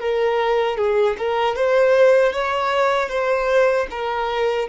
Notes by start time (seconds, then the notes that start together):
0.00 A#4
0.78 G#4
1.18 A#4
1.56 C5
2.33 C#5
3.09 C5
3.91 A#4